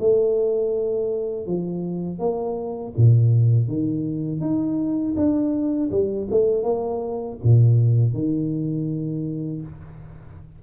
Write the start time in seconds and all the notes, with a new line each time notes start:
0.00 A3
1.46 F3
2.19 A#3
2.97 A#2
3.68 D#3
4.41 D#4
5.17 D4
5.91 G3
6.31 A3
6.63 A#3
7.44 A#2
8.14 D#3